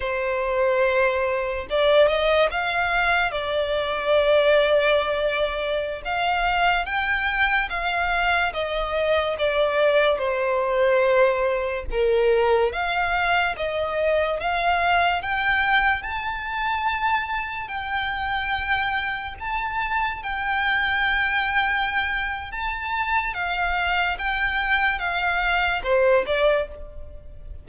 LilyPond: \new Staff \with { instrumentName = "violin" } { \time 4/4 \tempo 4 = 72 c''2 d''8 dis''8 f''4 | d''2.~ d''16 f''8.~ | f''16 g''4 f''4 dis''4 d''8.~ | d''16 c''2 ais'4 f''8.~ |
f''16 dis''4 f''4 g''4 a''8.~ | a''4~ a''16 g''2 a''8.~ | a''16 g''2~ g''8. a''4 | f''4 g''4 f''4 c''8 d''8 | }